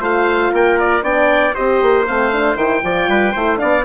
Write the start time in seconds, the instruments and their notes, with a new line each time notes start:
0.00 bassoon A3, horn F4, trumpet C5, oboe F5
0.53 bassoon A#3, trumpet A#4, oboe G5
0.79 oboe D5
1.01 bassoon B3, horn D4, trumpet D5, oboe G5
1.54 bassoon C4, horn G4, trumpet C5, oboe D#5
1.81 bassoon A#3
2.07 bassoon A3, horn C4, oboe F5
2.32 horn D4
2.56 bassoon D#3, horn E4, oboe G5
2.83 bassoon F3, horn F4, trumpet D5
3.08 bassoon G3, trumpet B4
3.32 bassoon A3, horn E4, trumpet C5
3.57 bassoon B3, horn D4, trumpet D5, oboe F5